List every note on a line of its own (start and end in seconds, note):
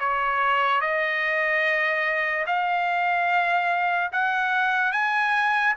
0.00 0.81 C#5
0.81 2.46 D#5
2.47 4.11 F5
4.12 4.92 F#5
4.92 5.75 G#5